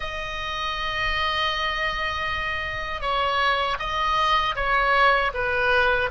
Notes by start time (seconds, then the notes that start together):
0.00 D#5
3.01 C#5
3.79 D#5
4.55 C#5
5.34 B4